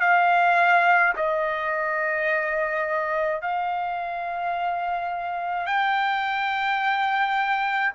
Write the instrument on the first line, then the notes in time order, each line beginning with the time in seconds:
trumpet
0.00 F5
1.16 D#5
3.41 F5
5.66 G5